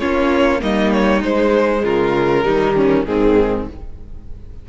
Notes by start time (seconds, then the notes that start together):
0.00 A#3 C#4 F4 C#5
0.60 G3 A#3 D#4 D#5
0.93 C#5
1.23 G#3 C5
1.84 C#3 F4 A#4
2.44 D#3 G3 D#4
2.76 C#4
3.05 G#2 D#3 C4 G#4